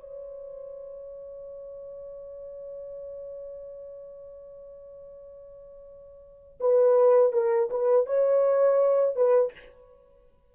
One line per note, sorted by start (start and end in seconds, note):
0.00 6.59 C#5
6.60 7.32 B4
7.32 7.69 A#4
7.70 8.06 B4
8.06 9.16 C#5
9.16 9.52 B4